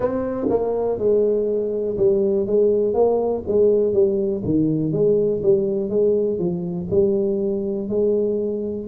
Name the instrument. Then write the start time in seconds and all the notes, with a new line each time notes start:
tuba
0.00 C4
0.49 A#3
0.98 G#3
1.97 G3
2.46 G#3
2.94 A#3
3.47 G#3
3.93 G3
4.44 D#3
4.92 G#3
5.42 G3
5.89 G#3
6.38 F3
6.90 G3
7.88 G#3